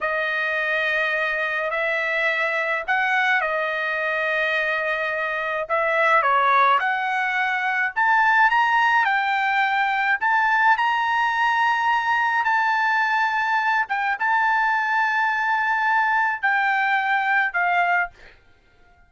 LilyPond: \new Staff \with { instrumentName = "trumpet" } { \time 4/4 \tempo 4 = 106 dis''2. e''4~ | e''4 fis''4 dis''2~ | dis''2 e''4 cis''4 | fis''2 a''4 ais''4 |
g''2 a''4 ais''4~ | ais''2 a''2~ | a''8 g''8 a''2.~ | a''4 g''2 f''4 | }